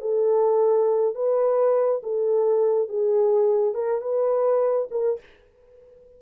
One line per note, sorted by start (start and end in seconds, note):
0.00 1.15 A4
1.15 2.01 B4
2.02 2.88 A4
2.88 3.74 G#4
3.74 4.01 A#4
4.01 4.88 B4
4.91 5.19 A#4